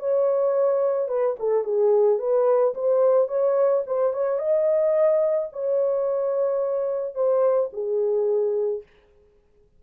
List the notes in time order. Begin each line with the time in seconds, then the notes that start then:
0.00 C#5
1.09 B4
1.40 A4
1.64 G#4
2.19 B4
2.75 C5
3.28 C#5
3.87 C5
4.13 C#5
4.39 D#5
5.53 C#5
7.15 C5
7.73 G#4